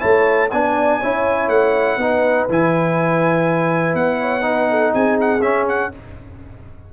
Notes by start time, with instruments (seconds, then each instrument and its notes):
0.00 tuba A3, trombone E4, horn C#5, trumpet A5
0.51 tuba B3, trombone D4, horn D5, trumpet G#5
1.01 tuba C#4, trombone E4, horn C#5
1.48 tuba A3, trumpet F#5
1.98 tuba B3, trombone D#4, horn B4
2.50 tuba E3, trombone E4, trumpet G#5
3.94 tuba B3, trumpet F#5
4.20 horn C#5
4.42 trombone D#4, horn B4
4.70 horn A4
4.93 tuba C4, horn G#4, trumpet G#5
5.21 trumpet F#5
5.42 tuba C#4, trombone C#4, trumpet E5
5.69 trumpet F#5